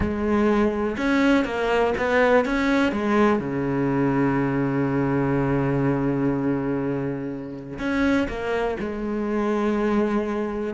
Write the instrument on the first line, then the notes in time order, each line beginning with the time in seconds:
cello
0.00 G#3
0.97 C#4
1.45 A#3
1.97 B3
2.45 C#4
2.92 G#3
3.39 C#3
7.78 C#4
8.28 A#3
8.79 G#3